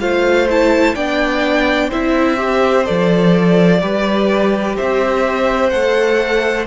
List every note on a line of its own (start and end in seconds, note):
0.00 0.96 A3
0.00 0.48 F4
0.00 0.96 C5
0.00 0.48 F5
0.50 0.97 E4
0.50 0.95 A5
0.95 1.92 B3
0.95 1.91 D4
0.95 1.89 D5
0.95 1.91 G5
1.89 2.89 C4
1.89 2.37 E4
1.89 3.80 C5
1.89 2.86 E5
2.37 2.85 G4
2.85 3.82 F3
2.85 3.81 A4
2.85 4.76 D5
3.81 4.78 G3
3.81 5.72 G4
3.81 4.77 B4
4.77 5.73 C4
4.77 6.67 C5
4.77 5.70 E5
5.70 6.67 A3
5.70 6.67 A4
5.70 6.65 F#5